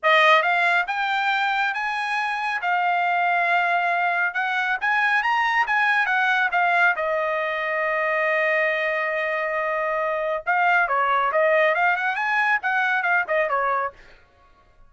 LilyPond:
\new Staff \with { instrumentName = "trumpet" } { \time 4/4 \tempo 4 = 138 dis''4 f''4 g''2 | gis''2 f''2~ | f''2 fis''4 gis''4 | ais''4 gis''4 fis''4 f''4 |
dis''1~ | dis''1 | f''4 cis''4 dis''4 f''8 fis''8 | gis''4 fis''4 f''8 dis''8 cis''4 | }